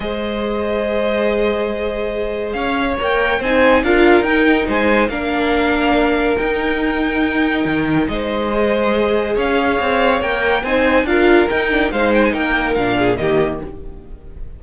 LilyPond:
<<
  \new Staff \with { instrumentName = "violin" } { \time 4/4 \tempo 4 = 141 dis''1~ | dis''2 f''4 g''4 | gis''4 f''4 g''4 gis''4 | f''2. g''4~ |
g''2. dis''4~ | dis''2 f''2 | g''4 gis''4 f''4 g''4 | f''8 g''16 gis''16 g''4 f''4 dis''4 | }
  \new Staff \with { instrumentName = "violin" } { \time 4/4 c''1~ | c''2 cis''2 | c''4 ais'2 c''4 | ais'1~ |
ais'2. c''4~ | c''2 cis''2~ | cis''4 c''4 ais'2 | c''4 ais'4. gis'8 g'4 | }
  \new Staff \with { instrumentName = "viola" } { \time 4/4 gis'1~ | gis'2. ais'4 | dis'4 f'4 dis'2 | d'2. dis'4~ |
dis'1 | gis'1 | ais'4 dis'4 f'4 dis'8 d'8 | dis'2 d'4 ais4 | }
  \new Staff \with { instrumentName = "cello" } { \time 4/4 gis1~ | gis2 cis'4 ais4 | c'4 d'4 dis'4 gis4 | ais2. dis'4~ |
dis'2 dis4 gis4~ | gis2 cis'4 c'4 | ais4 c'4 d'4 dis'4 | gis4 ais4 ais,4 dis4 | }
>>